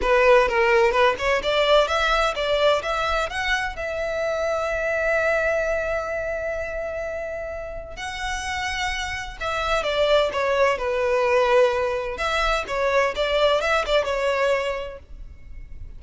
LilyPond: \new Staff \with { instrumentName = "violin" } { \time 4/4 \tempo 4 = 128 b'4 ais'4 b'8 cis''8 d''4 | e''4 d''4 e''4 fis''4 | e''1~ | e''1~ |
e''4 fis''2. | e''4 d''4 cis''4 b'4~ | b'2 e''4 cis''4 | d''4 e''8 d''8 cis''2 | }